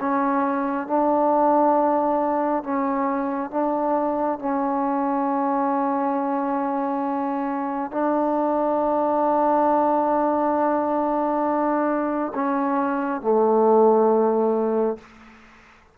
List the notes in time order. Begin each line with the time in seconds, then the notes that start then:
0.00 C#4
0.87 D4
2.64 C#4
3.51 D4
4.39 C#4
7.91 D4
12.34 C#4
13.21 A3